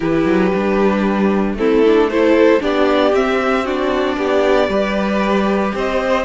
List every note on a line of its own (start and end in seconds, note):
0.00 0.25 E3
0.00 0.52 E4
0.00 1.56 G4
0.00 1.55 B4
0.25 0.51 F#3
0.54 1.53 G3
0.54 1.57 D4
1.53 2.58 A3
1.53 1.83 C4
1.53 2.10 E4
1.53 2.10 A4
1.86 2.11 D4
2.10 2.60 E4
2.10 2.62 A4
2.10 2.62 C5
2.60 3.12 B3
2.60 3.12 D4
2.60 3.64 G4
2.60 3.15 D5
3.12 4.16 C4
3.12 3.66 C4
3.12 3.66 E5
3.64 4.69 D4
3.64 4.16 F#4
3.64 5.75 D5
4.17 4.68 B3
4.17 4.69 G4
4.68 5.72 G3
4.68 6.24 G4
4.68 5.74 B4
5.74 6.24 C4
5.74 6.24 C5
5.74 6.24 D#5